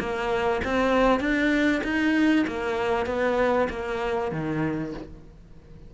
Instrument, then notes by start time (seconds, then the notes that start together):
cello
0.00 A#3
0.65 C4
1.20 D4
1.84 D#4
2.48 A#3
3.07 B3
3.70 A#3
4.32 D#3